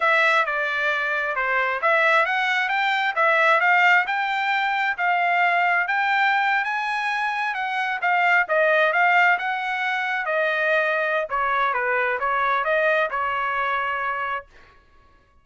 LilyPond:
\new Staff \with { instrumentName = "trumpet" } { \time 4/4 \tempo 4 = 133 e''4 d''2 c''4 | e''4 fis''4 g''4 e''4 | f''4 g''2 f''4~ | f''4 g''4.~ g''16 gis''4~ gis''16~ |
gis''8. fis''4 f''4 dis''4 f''16~ | f''8. fis''2 dis''4~ dis''16~ | dis''4 cis''4 b'4 cis''4 | dis''4 cis''2. | }